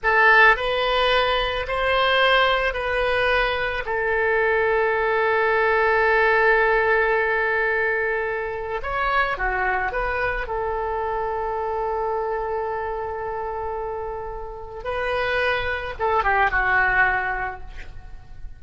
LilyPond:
\new Staff \with { instrumentName = "oboe" } { \time 4/4 \tempo 4 = 109 a'4 b'2 c''4~ | c''4 b'2 a'4~ | a'1~ | a'1 |
cis''4 fis'4 b'4 a'4~ | a'1~ | a'2. b'4~ | b'4 a'8 g'8 fis'2 | }